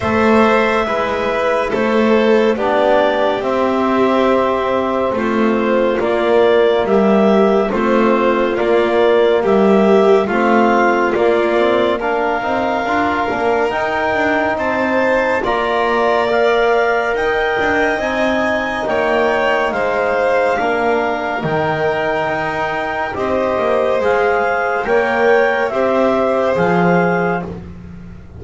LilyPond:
<<
  \new Staff \with { instrumentName = "clarinet" } { \time 4/4 \tempo 4 = 70 e''2 c''4 d''4 | e''2 c''4 d''4 | e''4 c''4 d''4 e''4 | f''4 d''4 f''2 |
g''4 a''4 ais''4 f''4 | g''4 gis''4 g''4 f''4~ | f''4 g''2 dis''4 | f''4 g''4 e''4 f''4 | }
  \new Staff \with { instrumentName = "violin" } { \time 4/4 c''4 b'4 a'4 g'4~ | g'2 f'2 | g'4 f'2 g'4 | f'2 ais'2~ |
ais'4 c''4 d''2 | dis''2 cis''4 c''4 | ais'2. c''4~ | c''4 cis''4 c''2 | }
  \new Staff \with { instrumentName = "trombone" } { \time 4/4 a'4 e'2 d'4 | c'2. ais4~ | ais4 c'4 ais2 | c'4 ais8 c'8 d'8 dis'8 f'8 d'8 |
dis'2 f'4 ais'4~ | ais'4 dis'2. | d'4 dis'2 g'4 | gis'4 ais'4 g'4 gis'4 | }
  \new Staff \with { instrumentName = "double bass" } { \time 4/4 a4 gis4 a4 b4 | c'2 a4 ais4 | g4 a4 ais4 g4 | a4 ais4. c'8 d'8 ais8 |
dis'8 d'8 c'4 ais2 | dis'8 d'8 c'4 ais4 gis4 | ais4 dis4 dis'4 c'8 ais8 | gis4 ais4 c'4 f4 | }
>>